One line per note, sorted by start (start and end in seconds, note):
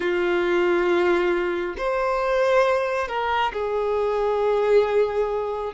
0.00 1.75 F4
1.77 3.08 C5
3.08 3.52 A#4
3.53 5.73 G#4